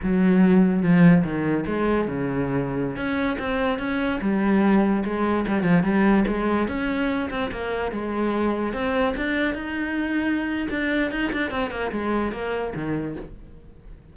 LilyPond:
\new Staff \with { instrumentName = "cello" } { \time 4/4 \tempo 4 = 146 fis2 f4 dis4 | gis4 cis2~ cis16 cis'8.~ | cis'16 c'4 cis'4 g4.~ g16~ | g16 gis4 g8 f8 g4 gis8.~ |
gis16 cis'4. c'8 ais4 gis8.~ | gis4~ gis16 c'4 d'4 dis'8.~ | dis'2 d'4 dis'8 d'8 | c'8 ais8 gis4 ais4 dis4 | }